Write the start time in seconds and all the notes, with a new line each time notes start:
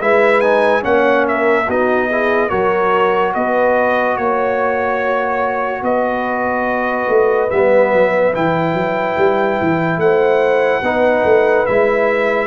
0.00 G#3 E4 B4 E5
0.40 D#4 G#5
0.81 A#3 C#4 C#5 F#5
1.28 A#4 E5
1.66 B3 D#4 F#4 D#5
2.09 E4 G#4
2.49 F#3 F#4 A#4 C#5
3.34 B3 B4 D#5
4.16 A#3 C#5
5.82 B3 B4 D#5
7.08 A3
7.50 G3 B3 E5
7.93 F#3
8.33 E3 E4 G5
8.73 F#3
9.16 G3
9.60 E3
9.97 A3 C5 F#5
10.82 B3 D#4 B4
11.24 A3
11.66 G#3 E4 E5